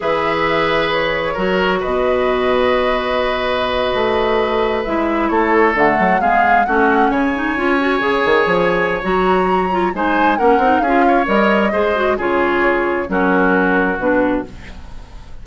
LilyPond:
<<
  \new Staff \with { instrumentName = "flute" } { \time 4/4 \tempo 4 = 133 e''2 cis''2 | dis''1~ | dis''2~ dis''8. e''4 cis''16~ | cis''8. fis''4 f''4 fis''4 gis''16~ |
gis''1 | ais''2 gis''4 fis''4 | f''4 dis''2 cis''4~ | cis''4 ais'2 b'4 | }
  \new Staff \with { instrumentName = "oboe" } { \time 4/4 b'2. ais'4 | b'1~ | b'2.~ b'8. a'16~ | a'4.~ a'16 gis'4 fis'4 cis''16~ |
cis''1~ | cis''2 c''4 ais'4 | gis'8 cis''4. c''4 gis'4~ | gis'4 fis'2. | }
  \new Staff \with { instrumentName = "clarinet" } { \time 4/4 gis'2. fis'4~ | fis'1~ | fis'2~ fis'8. e'4~ e'16~ | e'8. a4 b4 cis'4~ cis'16~ |
cis'16 dis'8 f'8 fis'8 gis'2~ gis'16 | fis'4. f'8 dis'4 cis'8 dis'8 | f'4 ais'4 gis'8 fis'8 f'4~ | f'4 cis'2 d'4 | }
  \new Staff \with { instrumentName = "bassoon" } { \time 4/4 e2. fis4 | b,1~ | b,8. a2 gis4 a16~ | a8. d8 fis8 gis4 a4 cis16~ |
cis8. cis'4 cis8 dis8 f4~ f16 | fis2 gis4 ais8 c'8 | cis'4 g4 gis4 cis4~ | cis4 fis2 b,4 | }
>>